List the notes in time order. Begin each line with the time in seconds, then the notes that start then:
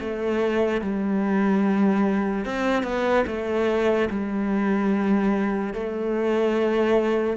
0.00 A3
0.81 G3
2.45 C4
2.84 B3
3.27 A3
4.10 G3
5.74 A3